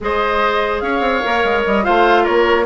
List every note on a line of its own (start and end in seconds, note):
0.00 0.82 G#3
0.00 1.23 G#4
0.00 0.83 C5
0.00 0.80 D#5
0.80 1.00 C#4
0.80 1.84 C#5
0.80 1.62 F5
1.00 1.21 C4
1.23 1.44 A#3
1.23 1.83 A#4
1.44 1.64 G#3
1.65 1.86 G3
1.65 1.84 D#5
1.83 2.27 A3
1.83 2.66 F4
1.83 2.23 C5
1.83 2.25 F5
2.23 2.66 A#3
2.23 2.64 A#4
2.23 2.66 C#5